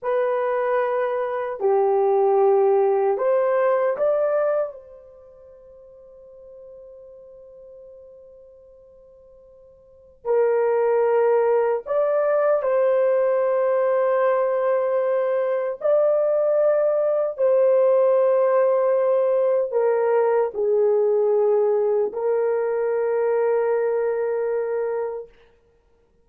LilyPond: \new Staff \with { instrumentName = "horn" } { \time 4/4 \tempo 4 = 76 b'2 g'2 | c''4 d''4 c''2~ | c''1~ | c''4 ais'2 d''4 |
c''1 | d''2 c''2~ | c''4 ais'4 gis'2 | ais'1 | }